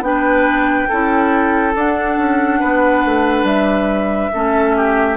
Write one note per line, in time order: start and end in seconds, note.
0.00 0.86 B3
0.00 0.88 D4
0.00 1.74 G5
0.06 0.88 B4
0.88 1.75 C#4
0.88 1.73 E4
0.88 2.59 A4
1.73 4.31 D4
1.73 2.17 D4
1.73 3.46 F#5
2.17 2.60 C#4
2.59 3.04 B3
2.59 4.31 B4
3.04 3.43 A3
3.43 4.29 G3
3.43 5.17 E5
4.33 5.17 A3
4.33 5.17 C#4
4.33 4.76 A4
4.76 5.17 G4